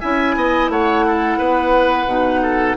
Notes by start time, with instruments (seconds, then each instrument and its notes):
0.00 bassoon C#4, clarinet E4, oboe E5, flute G#5
0.36 bassoon B3, oboe D#5
0.69 bassoon A3, oboe C#5, flute F#5
1.07 oboe A4
1.38 bassoon B3, oboe B4
2.06 bassoon B2, clarinet D#4
2.42 oboe A4